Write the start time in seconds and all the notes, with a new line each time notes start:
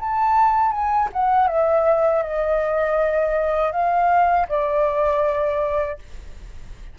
0.00 A5
0.72 G#5
1.13 F#5
1.48 E5
2.23 D#5
3.72 F5
4.49 D5